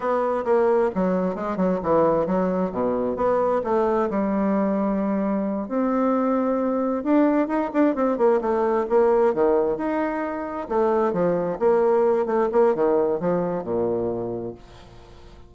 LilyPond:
\new Staff \with { instrumentName = "bassoon" } { \time 4/4 \tempo 4 = 132 b4 ais4 fis4 gis8 fis8 | e4 fis4 b,4 b4 | a4 g2.~ | g8 c'2. d'8~ |
d'8 dis'8 d'8 c'8 ais8 a4 ais8~ | ais8 dis4 dis'2 a8~ | a8 f4 ais4. a8 ais8 | dis4 f4 ais,2 | }